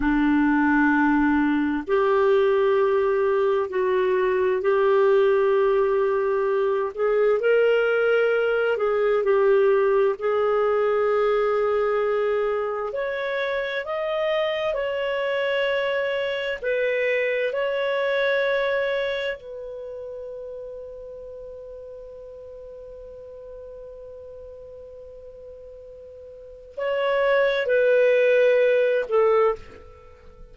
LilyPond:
\new Staff \with { instrumentName = "clarinet" } { \time 4/4 \tempo 4 = 65 d'2 g'2 | fis'4 g'2~ g'8 gis'8 | ais'4. gis'8 g'4 gis'4~ | gis'2 cis''4 dis''4 |
cis''2 b'4 cis''4~ | cis''4 b'2.~ | b'1~ | b'4 cis''4 b'4. a'8 | }